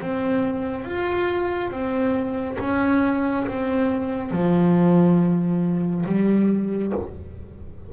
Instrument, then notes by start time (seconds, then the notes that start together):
double bass
0.00 C4
0.84 F4
1.70 C4
2.60 C#4
3.47 C4
4.31 F3
6.06 G3